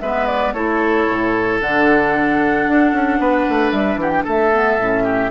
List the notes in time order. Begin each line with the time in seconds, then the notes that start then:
0.00 G#3 B3 B4 E5
0.27 D5
0.53 A3 E4 A4 C#5
1.08 A2
1.61 D3 D4 F#5
2.67 D4
2.92 C#4
3.19 B3 B4
3.49 A3
3.72 G3 E5
3.96 E3 G4
4.02 F#5
4.10 G5
4.24 A3 A4 E5
4.53 B3
4.79 A2 C#4
5.04 G4